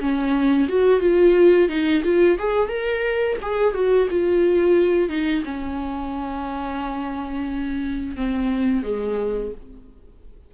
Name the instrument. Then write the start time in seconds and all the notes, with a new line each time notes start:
viola
0.00 C#4
0.69 F#4
1.01 F4
1.69 D#4
2.04 F4
2.39 G#4
2.69 A#4
3.42 G#4
3.74 F#4
4.11 F4
5.10 D#4
5.45 C#4
8.17 C4
8.84 G#3